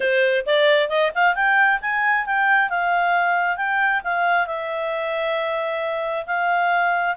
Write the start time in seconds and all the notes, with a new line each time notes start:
0.00 C5
0.46 D5
0.89 D#5
1.14 F5
1.35 G5
1.81 G#5
2.26 G5
2.69 F5
3.56 G5
4.04 F5
4.46 E5
6.26 F5